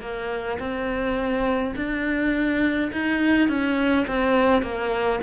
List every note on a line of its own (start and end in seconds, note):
0.00 0.58 A#3
0.59 1.74 C4
1.76 2.91 D4
2.92 3.48 D#4
3.48 4.06 C#4
4.07 4.62 C4
4.62 5.20 A#3